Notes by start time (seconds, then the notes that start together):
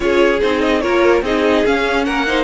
0.00 C#4 F4 G#4 C#5
0.41 C4 D#4 C5
0.61 D#5
0.80 A#3 F4 A#4 C#5
1.22 C4 D#4 G#4 D#5
1.65 C#4 F5
2.04 A#3 A#4 F#5
2.26 D#4 C5